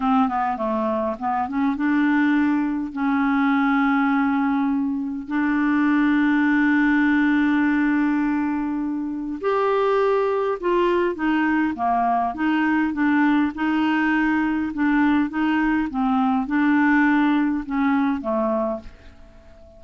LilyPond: \new Staff \with { instrumentName = "clarinet" } { \time 4/4 \tempo 4 = 102 c'8 b8 a4 b8 cis'8 d'4~ | d'4 cis'2.~ | cis'4 d'2.~ | d'1 |
g'2 f'4 dis'4 | ais4 dis'4 d'4 dis'4~ | dis'4 d'4 dis'4 c'4 | d'2 cis'4 a4 | }